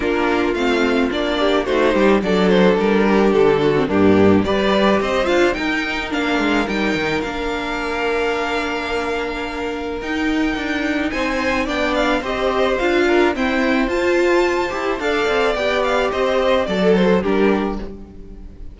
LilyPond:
<<
  \new Staff \with { instrumentName = "violin" } { \time 4/4 \tempo 4 = 108 ais'4 f''4 d''4 c''4 | d''8 c''8 ais'4 a'4 g'4 | d''4 dis''8 f''8 g''4 f''4 | g''4 f''2.~ |
f''2 g''2 | gis''4 g''8 f''8 dis''4 f''4 | g''4 a''2 f''4 | g''8 f''8 dis''4 d''8 c''8 ais'4 | }
  \new Staff \with { instrumentName = "violin" } { \time 4/4 f'2~ f'8 g'8 fis'8 g'8 | a'4. g'4 fis'8 d'4 | b'4 c''4 ais'2~ | ais'1~ |
ais'1 | c''4 d''4 c''4. ais'8 | c''2. d''4~ | d''4 c''4 a'4 g'4 | }
  \new Staff \with { instrumentName = "viola" } { \time 4/4 d'4 c'4 d'4 dis'4 | d'2~ d'8. c'16 ais4 | g'4. f'8 dis'4 d'4 | dis'4 d'2.~ |
d'2 dis'2~ | dis'4 d'4 g'4 f'4 | c'4 f'4. g'8 a'4 | g'2 a'4 d'4 | }
  \new Staff \with { instrumentName = "cello" } { \time 4/4 ais4 a4 ais4 a8 g8 | fis4 g4 d4 g,4 | g4 c'8 d'8 dis'4 ais8 gis8 | g8 dis8 ais2.~ |
ais2 dis'4 d'4 | c'4 b4 c'4 d'4 | e'4 f'4. e'8 d'8 c'8 | b4 c'4 fis4 g4 | }
>>